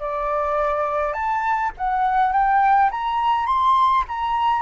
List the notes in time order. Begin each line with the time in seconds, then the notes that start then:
0.00 D5
1.14 A5
1.78 F#5
2.33 G5
2.91 A#5
3.46 C6
4.08 A#5